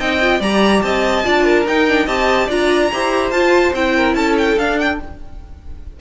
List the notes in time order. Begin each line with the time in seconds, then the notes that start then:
0.00 C4 D#4 D#5 G5
0.21 F4
0.40 G3 G4 D5 A#5
0.83 C4 D#5 A5
1.24 D4 F4 D5
1.45 A#4
1.66 D#4 G5
1.88 D4
2.06 C4 G4 D#5 A5
2.47 D4 F4 D5 A#5
2.93 E4 G4 C5
3.31 F4 A5
3.73 C4 E4 G5
3.97 A#4
4.15 C#4 A4 A5
4.38 G5
4.57 D4 F5
4.79 G5